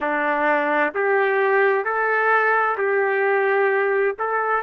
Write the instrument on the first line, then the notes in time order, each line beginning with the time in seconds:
trumpet
0.00 D4
0.94 G4
1.84 A4
2.77 G4
4.18 A4